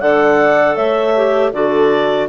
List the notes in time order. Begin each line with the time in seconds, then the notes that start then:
0.00 D3 A4 D5 F#5
0.75 A3 C#5 E5
1.16 G4
1.52 D3 F#4 A4 D5